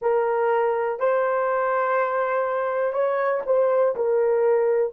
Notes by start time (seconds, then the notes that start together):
0.01 A#4
0.99 C5
2.92 C#5
3.46 C5
3.95 A#4